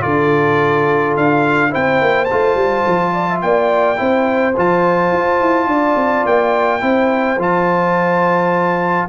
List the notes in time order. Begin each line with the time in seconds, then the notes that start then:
0.00 D3 F4 A4 D5
1.16 D4 F5
1.70 C4 E4 C5 G5
2.01 A#3
2.24 F4 A5
2.32 A3
2.55 G3
2.86 F3
3.13 D5
3.29 E5
3.41 A#3 D5 G5
3.96 C4 E4 C5
4.57 F3 F4 A5
5.12 F4
5.40 E4
5.66 D4 D5
5.95 C4
6.25 A#3 G5
6.80 C4 E4 C5
7.37 F3 F4 A5